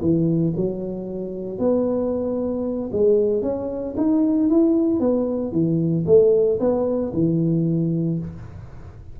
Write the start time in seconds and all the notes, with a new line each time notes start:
0.00 E3
0.56 F#3
1.58 B3
2.92 G#3
3.42 C#4
3.97 D#4
4.49 E4
5.00 B3
5.51 E3
6.06 A3
6.59 B3
7.13 E3